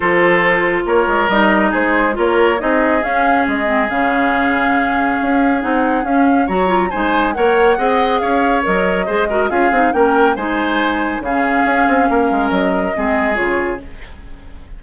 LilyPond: <<
  \new Staff \with { instrumentName = "flute" } { \time 4/4 \tempo 4 = 139 c''2 cis''4 dis''4 | c''4 cis''4 dis''4 f''4 | dis''4 f''2.~ | f''4 fis''4 f''4 ais''4 |
gis''4 fis''2 f''4 | dis''2 f''4 g''4 | gis''2 f''2~ | f''4 dis''2 cis''4 | }
  \new Staff \with { instrumentName = "oboe" } { \time 4/4 a'2 ais'2 | gis'4 ais'4 gis'2~ | gis'1~ | gis'2. cis''4 |
c''4 cis''4 dis''4 cis''4~ | cis''4 c''8 ais'8 gis'4 ais'4 | c''2 gis'2 | ais'2 gis'2 | }
  \new Staff \with { instrumentName = "clarinet" } { \time 4/4 f'2. dis'4~ | dis'4 f'4 dis'4 cis'4~ | cis'8 c'8 cis'2.~ | cis'4 dis'4 cis'4 fis'8 f'8 |
dis'4 ais'4 gis'2 | ais'4 gis'8 fis'8 f'8 dis'8 cis'4 | dis'2 cis'2~ | cis'2 c'4 f'4 | }
  \new Staff \with { instrumentName = "bassoon" } { \time 4/4 f2 ais8 gis8 g4 | gis4 ais4 c'4 cis'4 | gis4 cis2. | cis'4 c'4 cis'4 fis4 |
gis4 ais4 c'4 cis'4 | fis4 gis4 cis'8 c'8 ais4 | gis2 cis4 cis'8 c'8 | ais8 gis8 fis4 gis4 cis4 | }
>>